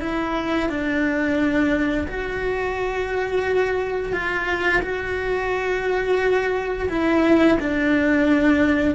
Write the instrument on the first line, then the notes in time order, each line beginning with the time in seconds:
cello
0.00 E4
0.69 D4
2.07 F#4
4.13 F4
4.82 F#4
6.89 E4
7.59 D4